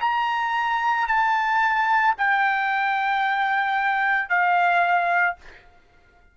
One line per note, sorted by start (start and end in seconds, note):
0.00 1.07 A#5
1.08 2.15 A5
2.17 4.29 G5
4.29 5.36 F5